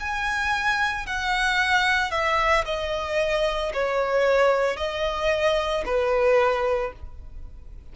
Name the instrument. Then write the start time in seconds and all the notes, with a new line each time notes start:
violin
0.00 G#5
1.06 F#5
2.11 E5
2.65 D#5
3.74 C#5
4.77 D#5
5.85 B4